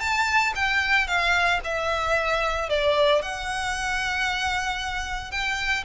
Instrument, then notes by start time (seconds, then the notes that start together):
violin
0.00 A5
0.55 G5
1.07 F5
1.64 E5
2.69 D5
3.22 F#5
5.31 G5